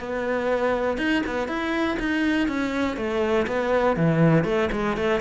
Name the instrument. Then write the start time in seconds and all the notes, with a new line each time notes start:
cello
0.00 B3
0.98 D#4
1.26 B3
1.48 E4
1.99 D#4
2.48 C#4
2.97 A3
3.46 B3
3.96 E3
4.44 A3
4.72 G#3
4.97 A3